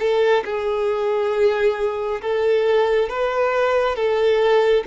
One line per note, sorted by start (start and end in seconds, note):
0.00 0.44 A4
0.45 2.22 G#4
2.22 3.10 A4
3.10 3.96 B4
3.96 4.84 A4